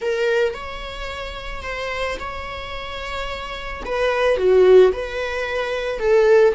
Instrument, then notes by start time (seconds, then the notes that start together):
viola
0.01 A#4
0.54 C#5
1.62 C5
2.19 C#5
3.85 B4
4.37 F#4
4.92 B4
5.99 A4